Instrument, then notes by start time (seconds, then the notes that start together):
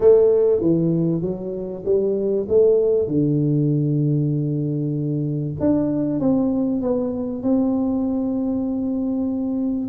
tuba
0.00 A3
0.60 E3
1.21 F#3
1.85 G3
2.49 A3
3.07 D3
5.60 D4
6.19 C4
6.81 B3
7.42 C4